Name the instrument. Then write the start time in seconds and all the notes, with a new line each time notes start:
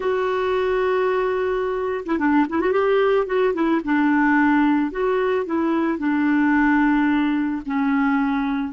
clarinet
0.00 F#4
2.05 E4
2.18 D4
2.49 E4
2.60 F#4
2.72 G4
3.26 F#4
3.54 E4
3.84 D4
4.91 F#4
5.45 E4
5.98 D4
7.66 C#4